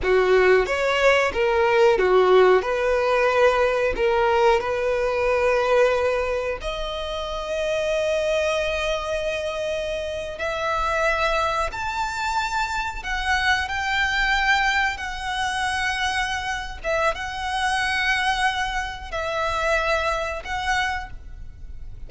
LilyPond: \new Staff \with { instrumentName = "violin" } { \time 4/4 \tempo 4 = 91 fis'4 cis''4 ais'4 fis'4 | b'2 ais'4 b'4~ | b'2 dis''2~ | dis''2.~ dis''8. e''16~ |
e''4.~ e''16 a''2 fis''16~ | fis''8. g''2 fis''4~ fis''16~ | fis''4. e''8 fis''2~ | fis''4 e''2 fis''4 | }